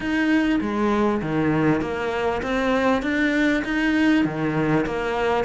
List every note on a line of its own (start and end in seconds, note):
0.00 0.59 D#4
0.60 1.21 G#3
1.21 1.81 D#3
1.81 2.41 A#3
2.42 3.02 C4
3.02 3.63 D4
3.64 4.25 D#4
4.25 4.85 D#3
4.86 5.44 A#3